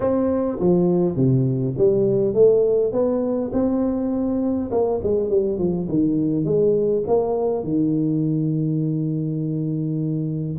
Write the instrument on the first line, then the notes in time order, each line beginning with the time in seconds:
tuba
0.00 C4
0.59 F3
1.16 C3
1.77 G3
2.34 A3
2.92 B3
3.52 C4
4.71 A#3
5.03 G#3
5.29 G3
5.58 F3
5.88 D#3
6.44 G#3
7.07 A#3
7.63 D#3